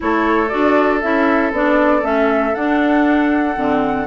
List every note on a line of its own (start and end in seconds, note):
0.00 0.52 A3
0.00 0.48 E4
0.00 4.07 A4
0.00 0.49 C#5
0.49 1.03 D4
0.49 1.00 F#4
0.49 0.99 D5
1.01 1.51 C#4
1.01 1.53 E4
1.01 1.51 E5
1.51 2.02 B3
1.51 2.02 D4
1.51 2.04 D5
2.02 2.53 A3
2.02 2.53 C#4
2.02 2.54 E5
2.54 3.57 D4
2.54 3.56 D4
2.54 4.07 F#5
3.56 4.07 D3
3.56 4.06 C4